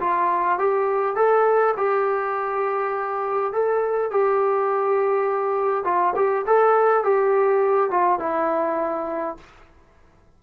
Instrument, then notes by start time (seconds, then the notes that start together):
trombone
0.00 F4
0.59 G4
1.16 A4
1.77 G4
3.53 A4
4.11 G4
5.84 F4
6.16 G4
6.47 A4
7.04 G4
7.91 F4
8.20 E4